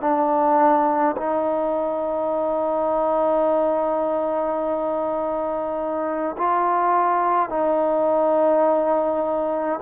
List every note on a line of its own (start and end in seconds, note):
0.00 1.15 D4
1.16 6.36 D#4
6.37 7.49 F4
7.49 9.80 D#4